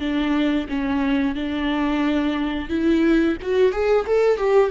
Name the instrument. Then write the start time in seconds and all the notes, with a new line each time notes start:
viola
0.00 D4
0.69 C#4
1.35 D4
2.69 E4
3.42 F#4
3.72 G#4
4.07 A4
4.38 G4